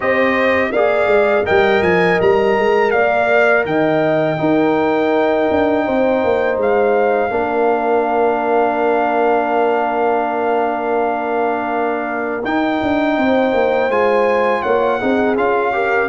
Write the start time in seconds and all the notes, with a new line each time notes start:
0.00 C4 G4 C5 D#5
0.72 A#3 G#4 D5 F5
1.06 G#3
1.44 G3 A#4 D#5 G5
1.82 F3 G#5
2.21 G3 A#5
2.58 G#3
2.90 A#3 D5 F5
3.65 D#3 D#5 G5
4.37 D#4 A#4
5.50 D4
5.85 C4 C5
6.24 A#3
6.57 G#3 F5
7.30 A#3 D4 A#4
12.44 D#4 G5
12.82 D4
13.17 C4 C5
13.53 A#3
13.89 G#3 F4 G#5
14.62 A#3 C#5 F#5
14.98 C4 D#4 G#4
15.36 C#4 F4 F5
15.72 G4 A#4